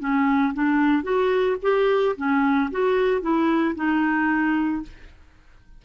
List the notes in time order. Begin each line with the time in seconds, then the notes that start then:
0.00 C#4
0.54 D4
1.03 F#4
1.63 G4
2.17 C#4
2.71 F#4
3.21 E4
3.75 D#4